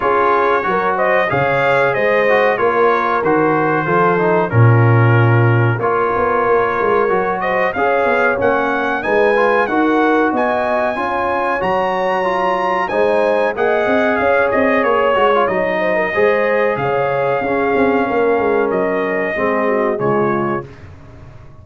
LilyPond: <<
  \new Staff \with { instrumentName = "trumpet" } { \time 4/4 \tempo 4 = 93 cis''4. dis''8 f''4 dis''4 | cis''4 c''2 ais'4~ | ais'4 cis''2~ cis''8 dis''8 | f''4 fis''4 gis''4 fis''4 |
gis''2 ais''2 | gis''4 fis''4 f''8 dis''8 cis''4 | dis''2 f''2~ | f''4 dis''2 cis''4 | }
  \new Staff \with { instrumentName = "horn" } { \time 4/4 gis'4 ais'8 c''8 cis''4 c''4 | ais'2 a'4 f'4~ | f'4 ais'2~ ais'8 c''8 | cis''2 b'4 ais'4 |
dis''4 cis''2. | c''4 dis''4 cis''2~ | cis''8 c''16 ais'16 c''4 cis''4 gis'4 | ais'2 gis'8 fis'8 f'4 | }
  \new Staff \with { instrumentName = "trombone" } { \time 4/4 f'4 fis'4 gis'4. fis'8 | f'4 fis'4 f'8 dis'8 cis'4~ | cis'4 f'2 fis'4 | gis'4 cis'4 dis'8 f'8 fis'4~ |
fis'4 f'4 fis'4 f'4 | dis'4 gis'2~ gis'8 fis'16 f'16 | dis'4 gis'2 cis'4~ | cis'2 c'4 gis4 | }
  \new Staff \with { instrumentName = "tuba" } { \time 4/4 cis'4 fis4 cis4 gis4 | ais4 dis4 f4 ais,4~ | ais,4 ais8 b8 ais8 gis8 fis4 | cis'8 b8 ais4 gis4 dis'4 |
b4 cis'4 fis2 | gis4 ais8 c'8 cis'8 c'8 ais8 gis8 | fis4 gis4 cis4 cis'8 c'8 | ais8 gis8 fis4 gis4 cis4 | }
>>